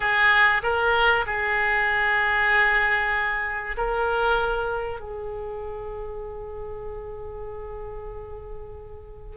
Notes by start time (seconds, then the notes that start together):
0.00 G#4
0.62 A#4
1.26 G#4
3.77 A#4
5.00 G#4